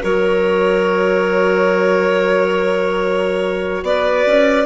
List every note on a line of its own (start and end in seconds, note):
0.00 3.82 F#3
0.00 4.65 F#4
0.00 3.83 A#4
0.00 3.84 C#5
3.82 4.24 B3
3.82 4.66 B4
3.82 4.66 D5
4.26 4.66 C#4